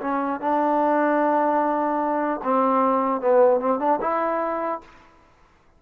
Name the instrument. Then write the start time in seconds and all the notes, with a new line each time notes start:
trombone
0.00 C#4
0.40 D4
2.43 C4
3.21 B3
3.60 C4
3.79 D4
4.01 E4